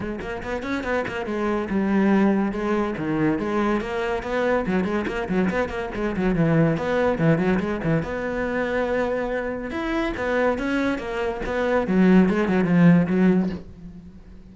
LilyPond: \new Staff \with { instrumentName = "cello" } { \time 4/4 \tempo 4 = 142 gis8 ais8 b8 cis'8 b8 ais8 gis4 | g2 gis4 dis4 | gis4 ais4 b4 fis8 gis8 | ais8 fis8 b8 ais8 gis8 fis8 e4 |
b4 e8 fis8 gis8 e8 b4~ | b2. e'4 | b4 cis'4 ais4 b4 | fis4 gis8 fis8 f4 fis4 | }